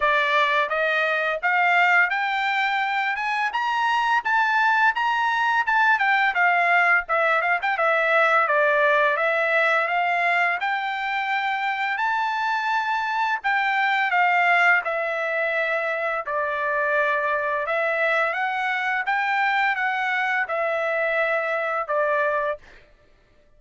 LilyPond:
\new Staff \with { instrumentName = "trumpet" } { \time 4/4 \tempo 4 = 85 d''4 dis''4 f''4 g''4~ | g''8 gis''8 ais''4 a''4 ais''4 | a''8 g''8 f''4 e''8 f''16 g''16 e''4 | d''4 e''4 f''4 g''4~ |
g''4 a''2 g''4 | f''4 e''2 d''4~ | d''4 e''4 fis''4 g''4 | fis''4 e''2 d''4 | }